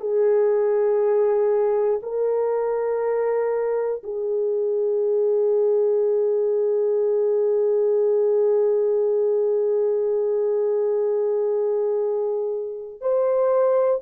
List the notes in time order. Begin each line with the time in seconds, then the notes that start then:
0.00 G#4
2.02 A#4
4.03 G#4
13.01 C5